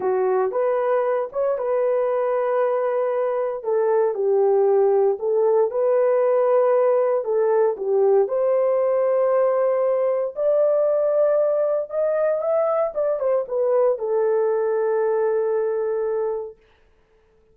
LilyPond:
\new Staff \with { instrumentName = "horn" } { \time 4/4 \tempo 4 = 116 fis'4 b'4. cis''8 b'4~ | b'2. a'4 | g'2 a'4 b'4~ | b'2 a'4 g'4 |
c''1 | d''2. dis''4 | e''4 d''8 c''8 b'4 a'4~ | a'1 | }